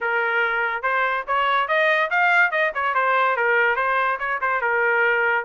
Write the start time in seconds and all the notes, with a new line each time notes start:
0.01 A#4
0.82 C5
1.27 C#5
1.68 D#5
2.10 F5
2.51 D#5
2.74 C#5
2.94 C5
3.36 A#4
3.76 C5
4.19 C#5
4.41 C5
4.61 A#4